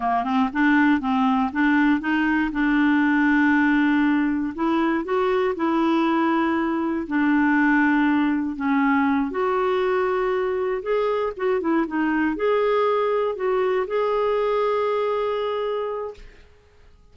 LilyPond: \new Staff \with { instrumentName = "clarinet" } { \time 4/4 \tempo 4 = 119 ais8 c'8 d'4 c'4 d'4 | dis'4 d'2.~ | d'4 e'4 fis'4 e'4~ | e'2 d'2~ |
d'4 cis'4. fis'4.~ | fis'4. gis'4 fis'8 e'8 dis'8~ | dis'8 gis'2 fis'4 gis'8~ | gis'1 | }